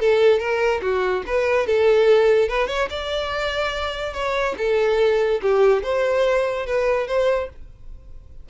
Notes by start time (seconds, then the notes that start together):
0.00 A4
0.40 A#4
0.82 F#4
1.27 B4
1.67 A4
2.49 B4
2.68 C#5
2.90 D5
4.13 C#5
4.58 A4
5.42 G4
5.83 C5
6.66 B4
7.08 C5